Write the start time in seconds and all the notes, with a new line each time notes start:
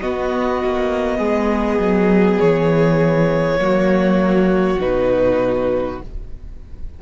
0.00 B3 F#4 D#5
0.64 A#3
1.18 G#3 G#4
1.79 F#3
2.40 E3 C#5
3.58 F#3 A#3 F#4
4.80 B2 D#4 B4